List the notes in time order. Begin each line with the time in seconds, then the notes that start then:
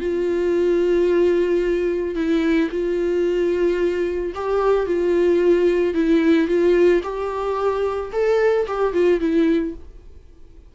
0.00 F4
2.16 E4
2.71 F4
4.35 G4
4.86 F4
5.94 E4
6.48 F4
7.03 G4
8.13 A4
8.68 G4
8.93 F4
9.20 E4